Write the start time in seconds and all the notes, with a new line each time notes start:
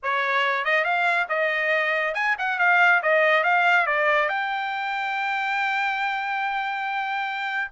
0.03 C#5
0.64 D#5
0.84 F5
1.29 D#5
2.14 G#5
2.38 F#5
2.58 F5
3.02 D#5
3.43 F5
3.86 D5
4.28 G5